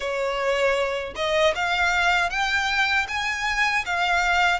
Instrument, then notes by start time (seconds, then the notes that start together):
violin
0.00 C#5
1.15 D#5
1.55 F5
2.30 G5
3.08 G#5
3.85 F5